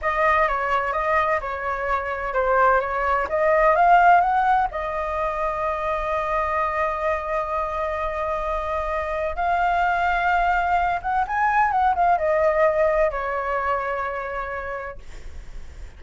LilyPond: \new Staff \with { instrumentName = "flute" } { \time 4/4 \tempo 4 = 128 dis''4 cis''4 dis''4 cis''4~ | cis''4 c''4 cis''4 dis''4 | f''4 fis''4 dis''2~ | dis''1~ |
dis''1 | f''2.~ f''8 fis''8 | gis''4 fis''8 f''8 dis''2 | cis''1 | }